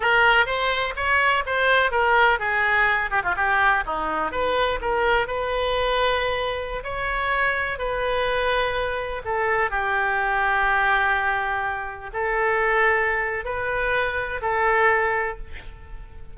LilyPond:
\new Staff \with { instrumentName = "oboe" } { \time 4/4 \tempo 4 = 125 ais'4 c''4 cis''4 c''4 | ais'4 gis'4. g'16 f'16 g'4 | dis'4 b'4 ais'4 b'4~ | b'2~ b'16 cis''4.~ cis''16~ |
cis''16 b'2. a'8.~ | a'16 g'2.~ g'8.~ | g'4~ g'16 a'2~ a'8. | b'2 a'2 | }